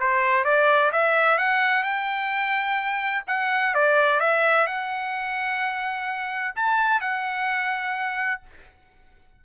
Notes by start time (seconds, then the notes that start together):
0.00 C5
0.45 D5
0.92 E5
1.38 F#5
1.83 G5
3.28 F#5
3.75 D5
4.20 E5
4.67 F#5
6.56 A5
7.01 F#5